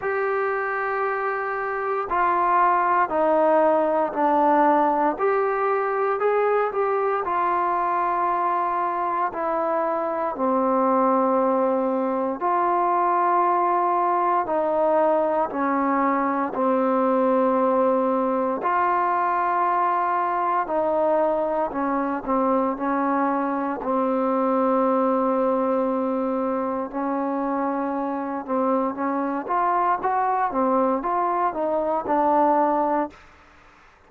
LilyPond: \new Staff \with { instrumentName = "trombone" } { \time 4/4 \tempo 4 = 58 g'2 f'4 dis'4 | d'4 g'4 gis'8 g'8 f'4~ | f'4 e'4 c'2 | f'2 dis'4 cis'4 |
c'2 f'2 | dis'4 cis'8 c'8 cis'4 c'4~ | c'2 cis'4. c'8 | cis'8 f'8 fis'8 c'8 f'8 dis'8 d'4 | }